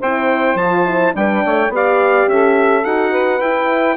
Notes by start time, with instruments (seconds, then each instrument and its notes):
0.00 bassoon C4, horn E4, saxophone C5, trumpet G5
0.55 bassoon F3, trumpet A5
0.61 horn F4
0.85 horn E4
1.13 bassoon G3, horn D4, saxophone B4, trumpet G5
1.44 bassoon A3, saxophone C#5
1.69 bassoon B3, horn G4, saxophone D5
1.75 trumpet F5
2.27 bassoon C#4, saxophone A4, trumpet E5
2.84 bassoon D#4, horn F#4, trumpet F#5
3.10 saxophone B4
3.40 bassoon E4, horn E4, trumpet G5